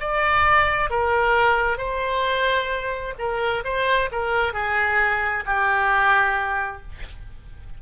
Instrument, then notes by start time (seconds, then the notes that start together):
oboe
0.00 D5
0.90 A#4
1.78 C5
3.19 A#4
3.64 C5
4.12 A#4
4.54 G#4
5.46 G4